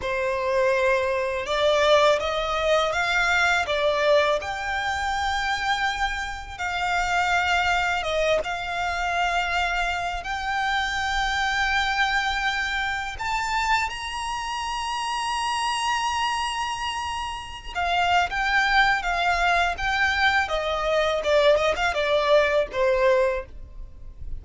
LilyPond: \new Staff \with { instrumentName = "violin" } { \time 4/4 \tempo 4 = 82 c''2 d''4 dis''4 | f''4 d''4 g''2~ | g''4 f''2 dis''8 f''8~ | f''2 g''2~ |
g''2 a''4 ais''4~ | ais''1~ | ais''16 f''8. g''4 f''4 g''4 | dis''4 d''8 dis''16 f''16 d''4 c''4 | }